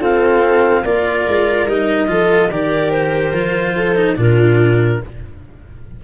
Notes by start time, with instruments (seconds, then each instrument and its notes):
0.00 cello C4, tuba F4, viola A4, clarinet F5
0.84 tuba A#3, cello F4, viola A#4, clarinet D5
1.28 tuba G#3
1.67 tuba G3, cello D#4, clarinet D#5
2.08 tuba F3, cello F4, viola A4
2.50 tuba D#3, cello G4, viola A#4, clarinet D5
2.91 clarinet C5
3.33 tuba F3, cello F4
3.76 viola A4
3.95 cello D#4
4.16 tuba A#2, cello D4, viola F4, clarinet A#4